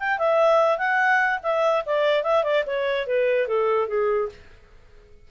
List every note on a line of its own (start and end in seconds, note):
0.00 0.19 G5
0.19 0.78 E5
0.78 1.40 F#5
1.43 1.84 E5
1.86 2.23 D5
2.23 2.44 E5
2.44 2.64 D5
2.67 3.07 C#5
3.07 3.48 B4
3.48 3.88 A4
3.88 4.29 G#4